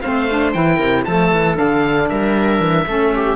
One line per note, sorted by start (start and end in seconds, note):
0.00 0.54 A3
0.00 0.28 C4
0.00 0.76 C5
0.00 0.52 F5
0.30 0.54 D4
0.52 0.78 E3
0.52 1.06 E4
0.52 1.04 G5
0.76 1.04 C3
0.76 1.02 A#4
1.04 1.32 F3
1.04 1.55 A3
1.04 2.09 A4
1.04 1.56 A5
1.32 1.57 E3
1.55 2.10 D3
1.55 2.84 D4
1.55 2.08 F5
2.08 2.59 G3
2.08 2.86 A#4
2.08 3.36 E5
2.59 2.85 E3
2.86 3.36 A3
2.86 3.36 C#4
2.86 3.14 A4
3.15 3.36 G4